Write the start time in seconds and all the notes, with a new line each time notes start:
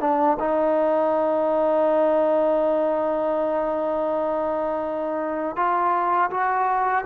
0.00 D4
0.39 D#4
5.56 F4
6.30 F#4